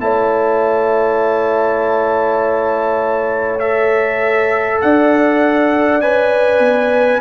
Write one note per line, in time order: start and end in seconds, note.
0.00 4.80 A3
0.00 3.60 E4
0.00 4.83 C#5
0.00 3.60 A5
3.60 6.01 A4
3.60 4.79 E5
4.81 6.00 D4
4.81 7.21 D5
4.81 6.01 F#5
6.00 6.59 C#4
6.00 7.21 B4
6.00 7.21 G#5
6.59 7.19 B3